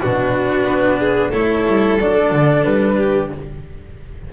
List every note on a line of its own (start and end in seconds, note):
0.00 0.64 B2
0.00 1.32 D4
0.00 0.99 F#4
0.00 1.31 B4
0.64 1.30 B3
0.99 1.31 G#4
1.31 1.65 A3
1.31 1.98 E4
1.31 2.95 A4
1.31 1.97 C#5
1.66 1.99 G3
1.99 2.31 F#3
1.99 3.33 D4
1.99 2.64 D5
2.31 2.64 D3
2.64 3.30 G3
2.64 3.30 B4
2.96 3.29 G4